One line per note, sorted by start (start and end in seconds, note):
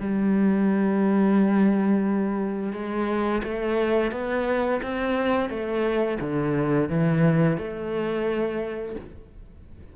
0.00 2.72 G3
2.72 3.41 G#3
3.43 4.11 A3
4.11 4.80 B3
4.82 5.49 C4
5.49 6.18 A3
6.20 6.89 D3
6.89 7.57 E3
7.57 8.95 A3